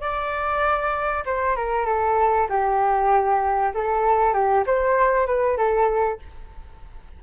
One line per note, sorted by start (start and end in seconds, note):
0.00 1.24 D5
1.25 1.55 C5
1.55 1.85 A#4
1.85 2.47 A4
2.49 3.73 G4
3.74 4.33 A4
4.33 4.64 G4
4.66 5.26 C5
5.26 5.57 B4
5.57 6.19 A4